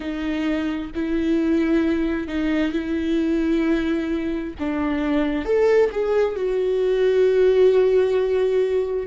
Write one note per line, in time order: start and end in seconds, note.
0.00 0.90 D#4
0.94 2.27 E4
2.27 2.71 D#4
2.71 4.53 E4
4.59 5.45 D4
5.45 5.90 A4
5.91 6.36 G#4
6.36 9.07 F#4